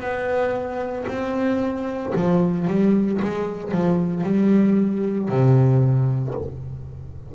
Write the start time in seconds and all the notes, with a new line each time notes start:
0.00 B3
1.07 C4
2.15 F3
2.67 G3
3.22 G#3
3.71 F3
4.23 G3
5.29 C3